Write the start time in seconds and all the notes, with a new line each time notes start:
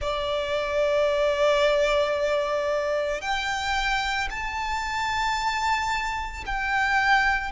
0.01 D5
3.21 G5
4.30 A5
6.46 G5